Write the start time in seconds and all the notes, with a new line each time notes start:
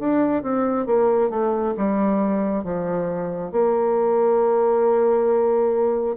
0.00 D4
0.43 C4
0.87 A#3
1.30 A3
1.77 G3
2.64 F3
3.52 A#3